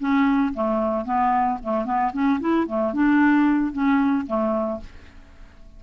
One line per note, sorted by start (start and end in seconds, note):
0.00 0.54 C#4
0.54 1.05 A3
1.05 1.59 B3
1.63 1.85 A3
1.85 2.12 B3
2.13 2.40 C#4
2.41 2.67 E4
2.67 2.94 A3
2.94 3.73 D4
3.73 4.27 C#4
4.27 4.81 A3